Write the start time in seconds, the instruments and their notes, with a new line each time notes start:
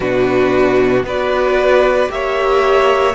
0.00 cello B2, viola D4, violin F#4 B4
1.03 cello B3, viola F#4, violin B4 D5
2.08 cello A#3, viola G4, violin C#5 E5